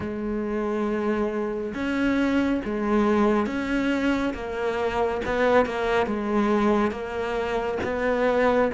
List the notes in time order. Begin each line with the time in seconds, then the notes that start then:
0.00 G#3
1.74 C#4
2.64 G#3
3.46 C#4
4.34 A#3
5.25 B3
5.65 A#3
6.06 G#3
6.91 A#3
7.83 B3